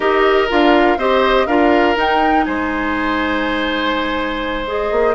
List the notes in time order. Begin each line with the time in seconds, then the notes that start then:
0.00 D#4 G4 A#4 D#5
0.49 D4 F4 F5
0.97 C4 G4 C5 D#5
1.46 D4 F4 A#4 F5
1.95 D#4 G5
2.44 G#3 C5 G#5
4.67 G#4 D#5
4.91 A#3